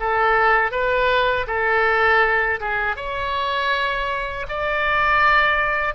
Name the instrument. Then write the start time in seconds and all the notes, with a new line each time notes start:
oboe
0.00 A4
0.72 B4
1.47 A4
2.60 G#4
2.97 C#5
4.49 D5